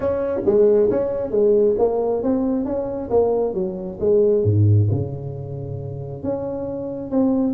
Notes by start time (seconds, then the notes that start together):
0.00 C#4
0.45 G#3
0.90 C#4
1.30 G#3
1.78 A#3
2.22 C4
2.65 C#4
3.09 A#3
3.53 F#3
4.00 G#3
4.43 G#2
4.90 C#3
6.23 C#4
7.10 C4